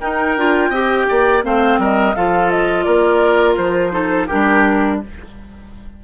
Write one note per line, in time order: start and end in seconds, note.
0.00 0.37 D#4
0.00 0.70 A#4
0.00 1.43 G5
0.37 0.69 D4
0.37 0.73 F4
0.69 1.05 C4
0.69 1.43 G4
0.69 1.05 D#5
1.08 1.44 A#3
1.08 1.44 D5
1.43 1.78 A3
1.43 2.14 C4
1.43 1.80 C5
1.43 1.80 F5
1.78 2.14 G3
1.78 2.15 A#4
1.78 2.15 D#5
2.15 2.86 F3
2.15 3.91 F4
2.15 2.85 A4
2.15 2.50 F5
2.50 2.83 D#5
2.83 3.57 A#3
2.83 3.92 A#4
2.83 3.55 D5
3.57 4.29 F3
3.57 4.28 C5
3.91 4.27 D#4
3.91 4.27 A4
4.27 5.04 G3
4.27 5.02 D4
4.27 4.98 G4
4.27 5.00 A#4